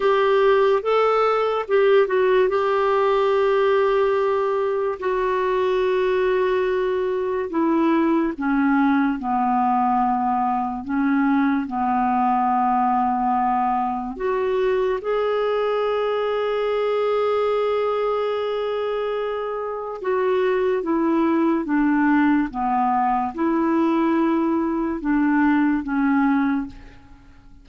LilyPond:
\new Staff \with { instrumentName = "clarinet" } { \time 4/4 \tempo 4 = 72 g'4 a'4 g'8 fis'8 g'4~ | g'2 fis'2~ | fis'4 e'4 cis'4 b4~ | b4 cis'4 b2~ |
b4 fis'4 gis'2~ | gis'1 | fis'4 e'4 d'4 b4 | e'2 d'4 cis'4 | }